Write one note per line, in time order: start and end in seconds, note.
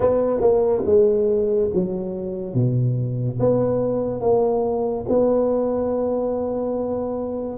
0.00 0.40 B3
0.40 0.83 A#3
0.85 1.70 G#3
1.73 2.54 F#3
2.54 3.38 B2
3.39 4.20 B3
4.20 5.05 A#3
5.08 7.58 B3